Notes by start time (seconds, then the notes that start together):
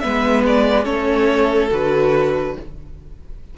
0.00 G#3 B3 B4 E5
0.47 D5
0.84 A3 C#4 A4 C#5
1.71 D3 F#4 B4